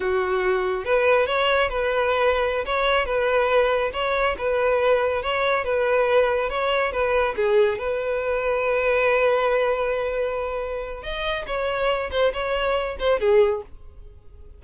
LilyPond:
\new Staff \with { instrumentName = "violin" } { \time 4/4 \tempo 4 = 141 fis'2 b'4 cis''4 | b'2~ b'16 cis''4 b'8.~ | b'4~ b'16 cis''4 b'4.~ b'16~ | b'16 cis''4 b'2 cis''8.~ |
cis''16 b'4 gis'4 b'4.~ b'16~ | b'1~ | b'2 dis''4 cis''4~ | cis''8 c''8 cis''4. c''8 gis'4 | }